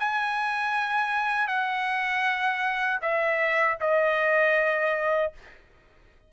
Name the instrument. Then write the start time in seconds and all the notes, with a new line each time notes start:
trumpet
0.00 G#5
1.48 F#5
3.02 E5
3.81 D#5